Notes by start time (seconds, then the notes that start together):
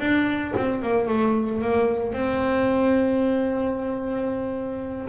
0.00 D4
0.57 C4
0.82 A#3
1.08 A3
1.61 A#3
2.13 C4